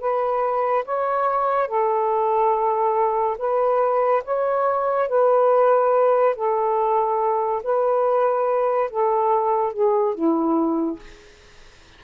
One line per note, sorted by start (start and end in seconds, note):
0.00 0.85 B4
0.85 1.67 C#5
1.67 3.36 A4
3.38 4.23 B4
4.24 5.09 C#5
5.09 6.35 B4
6.35 7.62 A4
7.63 8.90 B4
8.90 9.73 A4
9.73 10.14 G#4
10.14 10.99 E4